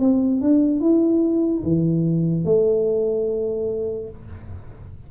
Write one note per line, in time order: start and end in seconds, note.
0.00 0.41 C4
0.41 0.81 D4
0.81 1.63 E4
1.64 2.45 E3
2.45 4.10 A3